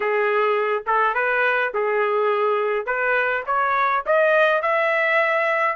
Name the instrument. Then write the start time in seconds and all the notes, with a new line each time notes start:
trumpet
0.00 G#4
0.86 A4
1.14 B4
1.74 G#4
2.86 B4
3.46 C#5
4.06 D#5
4.62 E5